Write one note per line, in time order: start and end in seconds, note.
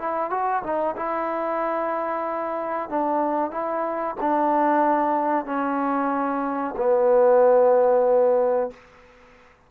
0.00 0.31 E4
0.31 0.63 F#4
0.64 0.96 D#4
0.96 2.90 E4
2.90 3.51 D4
3.51 4.16 E4
4.21 5.46 D4
5.46 6.75 C#4
6.77 8.71 B3